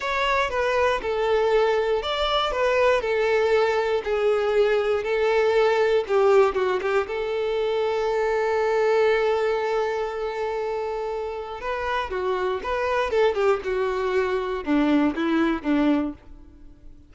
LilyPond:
\new Staff \with { instrumentName = "violin" } { \time 4/4 \tempo 4 = 119 cis''4 b'4 a'2 | d''4 b'4 a'2 | gis'2 a'2 | g'4 fis'8 g'8 a'2~ |
a'1~ | a'2. b'4 | fis'4 b'4 a'8 g'8 fis'4~ | fis'4 d'4 e'4 d'4 | }